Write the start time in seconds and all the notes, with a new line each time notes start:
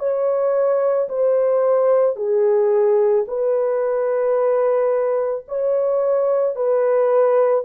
0.00 C#5
1.10 C5
2.17 G#4
3.28 B4
5.48 C#5
6.56 B4